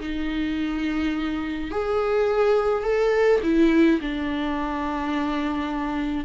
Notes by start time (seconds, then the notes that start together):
0.00 D#4
1.71 G#4
2.83 A4
3.43 E4
4.01 D4